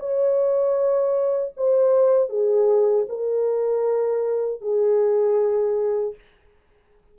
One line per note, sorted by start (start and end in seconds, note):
0.00 1.54 C#5
1.57 2.30 C5
2.30 3.07 G#4
3.09 4.62 A#4
4.62 6.15 G#4